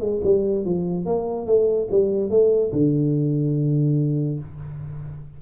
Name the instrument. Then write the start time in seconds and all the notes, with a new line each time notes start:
tuba
0.00 G#3
0.24 G3
0.65 F3
1.06 A#3
1.46 A3
1.91 G3
2.30 A3
2.73 D3